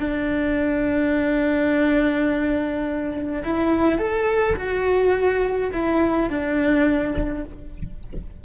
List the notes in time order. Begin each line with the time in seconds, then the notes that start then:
0.00 D4
3.44 E4
3.98 A4
4.56 F#4
5.73 E4
6.30 D4